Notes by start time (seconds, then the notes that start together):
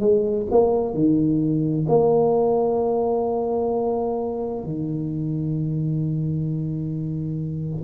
0.00 G#3
0.51 A#3
0.94 D#3
1.88 A#3
4.64 D#3